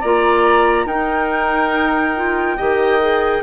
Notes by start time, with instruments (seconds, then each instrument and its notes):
0.00 bassoon A#3, clarinet F4, oboe D5, flute A#5
0.85 bassoon D#4, clarinet D#4, oboe A#4, flute G5
2.15 clarinet F4
2.57 bassoon D#3, clarinet G4, oboe D#5
3.00 clarinet G#4